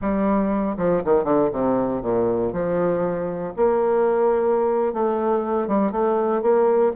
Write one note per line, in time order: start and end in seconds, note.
0.01 0.77 G3
0.77 1.02 F3
1.04 1.24 D#3
1.24 1.49 D3
1.52 2.02 C3
2.02 2.52 A#2
2.52 3.53 F3
3.56 4.93 A#3
4.93 5.67 A3
5.67 5.91 G3
5.91 6.41 A3
6.41 6.92 A#3